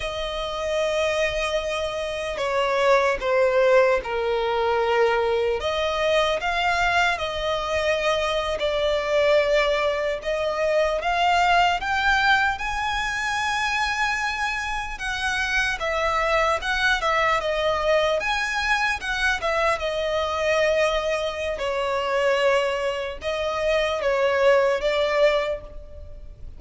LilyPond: \new Staff \with { instrumentName = "violin" } { \time 4/4 \tempo 4 = 75 dis''2. cis''4 | c''4 ais'2 dis''4 | f''4 dis''4.~ dis''16 d''4~ d''16~ | d''8. dis''4 f''4 g''4 gis''16~ |
gis''2~ gis''8. fis''4 e''16~ | e''8. fis''8 e''8 dis''4 gis''4 fis''16~ | fis''16 e''8 dis''2~ dis''16 cis''4~ | cis''4 dis''4 cis''4 d''4 | }